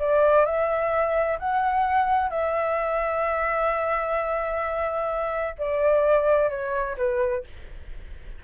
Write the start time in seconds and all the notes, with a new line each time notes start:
0.00 D5
0.46 E5
1.40 F#5
2.30 E5
5.58 D5
6.50 C#5
6.98 B4